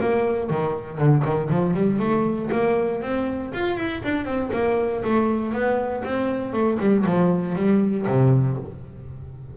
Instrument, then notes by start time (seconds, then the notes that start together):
double bass
0.00 A#3
0.50 D#3
0.98 D3
1.24 D#3
1.50 F3
1.74 G3
1.99 A3
2.51 A#3
3.02 C4
3.53 F4
3.76 E4
4.04 D4
4.25 C4
4.53 A#3
5.03 A3
5.52 B3
6.04 C4
6.52 A3
6.79 G3
7.05 F3
7.55 G3
8.06 C3